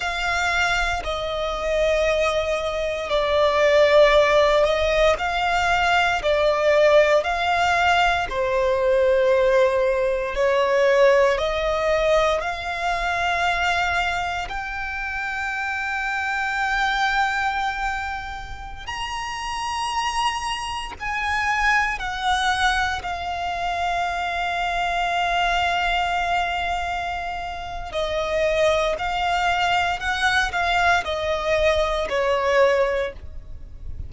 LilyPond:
\new Staff \with { instrumentName = "violin" } { \time 4/4 \tempo 4 = 58 f''4 dis''2 d''4~ | d''8 dis''8 f''4 d''4 f''4 | c''2 cis''4 dis''4 | f''2 g''2~ |
g''2~ g''16 ais''4.~ ais''16~ | ais''16 gis''4 fis''4 f''4.~ f''16~ | f''2. dis''4 | f''4 fis''8 f''8 dis''4 cis''4 | }